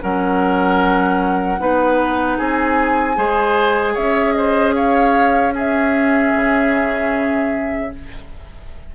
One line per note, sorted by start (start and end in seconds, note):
0.00 1.60 F#3
0.00 1.58 C#4
0.00 1.61 A#4
0.00 2.39 F#5
1.59 2.39 B3
1.59 3.16 D#4
1.59 2.38 B4
2.38 3.18 C4
2.38 3.17 G#4
2.38 3.96 G#5
3.16 3.97 G#3
3.16 5.52 G#4
3.16 3.94 C5
3.94 6.34 C#4
3.94 4.33 C#5
3.94 4.33 E5
4.33 4.76 C5
4.33 4.73 D#5
4.75 5.54 C#5
4.75 5.54 F5
5.53 7.90 C#4
5.53 7.91 G#4
5.53 7.95 E5
6.36 7.94 C#3